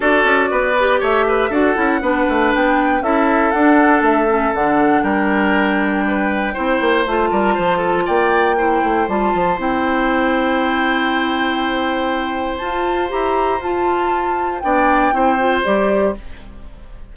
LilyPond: <<
  \new Staff \with { instrumentName = "flute" } { \time 4/4 \tempo 4 = 119 d''2 e''4 fis''4~ | fis''4 g''4 e''4 fis''4 | e''4 fis''4 g''2~ | g''2 a''2 |
g''2 a''4 g''4~ | g''1~ | g''4 a''4 ais''4 a''4~ | a''4 g''2 d''4 | }
  \new Staff \with { instrumentName = "oboe" } { \time 4/4 a'4 b'4 cis''8 b'8 a'4 | b'2 a'2~ | a'2 ais'2 | b'4 c''4. ais'8 c''8 a'8 |
d''4 c''2.~ | c''1~ | c''1~ | c''4 d''4 c''2 | }
  \new Staff \with { instrumentName = "clarinet" } { \time 4/4 fis'4. g'4. fis'8 e'8 | d'2 e'4 d'4~ | d'8 cis'8 d'2.~ | d'4 e'4 f'2~ |
f'4 e'4 f'4 e'4~ | e'1~ | e'4 f'4 g'4 f'4~ | f'4 d'4 e'8 f'8 g'4 | }
  \new Staff \with { instrumentName = "bassoon" } { \time 4/4 d'8 cis'8 b4 a4 d'8 cis'8 | b8 a8 b4 cis'4 d'4 | a4 d4 g2~ | g4 c'8 ais8 a8 g8 f4 |
ais4. a8 g8 f8 c'4~ | c'1~ | c'4 f'4 e'4 f'4~ | f'4 b4 c'4 g4 | }
>>